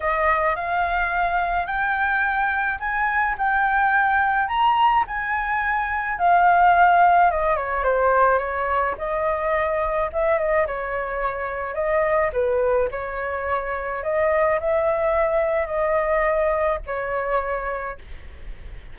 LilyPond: \new Staff \with { instrumentName = "flute" } { \time 4/4 \tempo 4 = 107 dis''4 f''2 g''4~ | g''4 gis''4 g''2 | ais''4 gis''2 f''4~ | f''4 dis''8 cis''8 c''4 cis''4 |
dis''2 e''8 dis''8 cis''4~ | cis''4 dis''4 b'4 cis''4~ | cis''4 dis''4 e''2 | dis''2 cis''2 | }